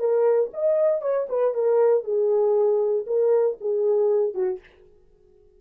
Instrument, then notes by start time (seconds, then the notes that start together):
horn
0.00 A#4
0.54 D#5
1.02 C#5
1.30 B4
1.55 A#4
2.04 G#4
3.07 A#4
3.61 G#4
4.35 F#4